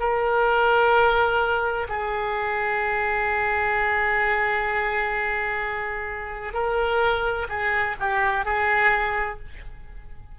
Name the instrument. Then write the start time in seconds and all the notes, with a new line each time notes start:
oboe
0.00 A#4
1.89 G#4
6.54 A#4
7.49 G#4
8.00 G4
8.45 G#4